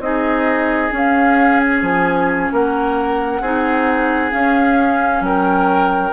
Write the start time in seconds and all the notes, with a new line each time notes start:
0.00 C4 D#4 G#4 D#5
0.91 C#4
0.97 F5
1.61 G#5
1.82 F3
2.52 A#3 A#4 F#5
3.41 C4 D#4 G#4
4.31 C#4 F5
5.21 F#3 A#4 G5